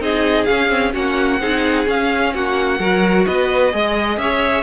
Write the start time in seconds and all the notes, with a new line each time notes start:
0.00 C4 D#4 G#4 D#5
0.46 C#4 F5
0.69 C4
0.93 A#3 C#4 F#4 F#5
1.41 C4 D#4 G#4
1.86 C#4 F5
2.34 A#3 F#4 F#5
2.80 F#3 F#4 A#4
3.27 B3 B4 D#5
3.73 G#3 G#4 D#5
4.18 C#4 C#5 E5